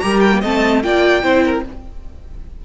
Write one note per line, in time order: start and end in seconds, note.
0.00 0.44 G3
0.00 0.33 G4
0.00 0.41 A#4
0.00 0.20 A#5
0.21 0.41 G5
0.33 0.43 A#3
0.41 0.84 A3
0.41 0.84 C4
0.41 0.82 D#5
0.41 0.83 A5
0.83 1.24 A#3
0.83 1.23 F4
0.83 1.25 D5
0.83 1.64 G5
1.23 1.64 C4
1.23 1.64 E4
1.23 1.45 C5
1.45 1.66 A#4